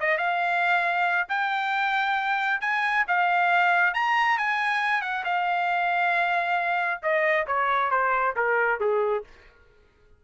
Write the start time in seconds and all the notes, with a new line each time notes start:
0.00 D#5
0.18 F5
1.29 G5
2.61 G#5
3.08 F5
3.94 A#5
4.38 G#5
5.02 F#5
5.24 F5
7.02 D#5
7.47 C#5
7.91 C5
8.36 A#4
8.80 G#4